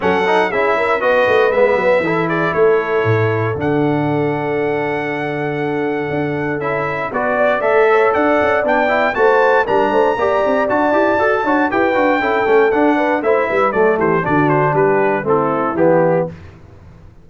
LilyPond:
<<
  \new Staff \with { instrumentName = "trumpet" } { \time 4/4 \tempo 4 = 118 fis''4 e''4 dis''4 e''4~ | e''8 d''8 cis''2 fis''4~ | fis''1~ | fis''4 e''4 d''4 e''4 |
fis''4 g''4 a''4 ais''4~ | ais''4 a''2 g''4~ | g''4 fis''4 e''4 d''8 c''8 | d''8 c''8 b'4 a'4 g'4 | }
  \new Staff \with { instrumentName = "horn" } { \time 4/4 a'4 gis'8 ais'8 b'2 | a'8 gis'8 a'2.~ | a'1~ | a'2 b'8 d''4 cis''8 |
d''2 c''4 ais'8 c''8 | d''2~ d''8 cis''8 b'4 | a'4. b'8 c''8 b'8 a'8 g'8 | fis'4 g'4 e'2 | }
  \new Staff \with { instrumentName = "trombone" } { \time 4/4 cis'8 dis'8 e'4 fis'4 b4 | e'2. d'4~ | d'1~ | d'4 e'4 fis'4 a'4~ |
a'4 d'8 e'8 fis'4 d'4 | g'4 fis'8 g'8 a'8 fis'8 g'8 fis'8 | e'8 cis'8 d'4 e'4 a4 | d'2 c'4 b4 | }
  \new Staff \with { instrumentName = "tuba" } { \time 4/4 fis4 cis'4 b8 a8 gis8 fis8 | e4 a4 a,4 d4~ | d1 | d'4 cis'4 b4 a4 |
d'8 cis'8 b4 a4 g8 a8 | ais8 c'8 d'8 e'8 fis'8 d'8 e'8 d'8 | cis'8 a8 d'4 a8 g8 fis8 e8 | d4 g4 a4 e4 | }
>>